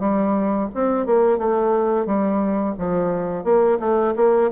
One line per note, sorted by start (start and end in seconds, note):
0.00 0.69 G3
0.75 1.06 C4
1.06 1.39 A#3
1.39 2.07 A3
2.07 2.76 G3
2.79 3.44 F3
3.44 3.79 A#3
3.80 4.14 A3
4.16 4.51 A#3